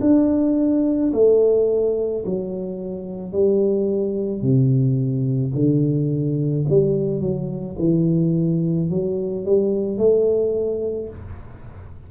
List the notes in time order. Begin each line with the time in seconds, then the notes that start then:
0.00 D4
1.13 A3
2.25 F#3
3.32 G3
4.41 C3
5.54 D3
6.69 G3
7.20 F#3
7.78 E3
8.89 F#3
9.45 G3
9.97 A3